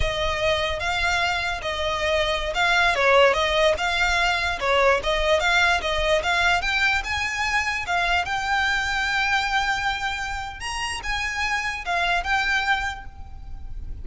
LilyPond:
\new Staff \with { instrumentName = "violin" } { \time 4/4 \tempo 4 = 147 dis''2 f''2 | dis''2~ dis''16 f''4 cis''8.~ | cis''16 dis''4 f''2 cis''8.~ | cis''16 dis''4 f''4 dis''4 f''8.~ |
f''16 g''4 gis''2 f''8.~ | f''16 g''2.~ g''8.~ | g''2 ais''4 gis''4~ | gis''4 f''4 g''2 | }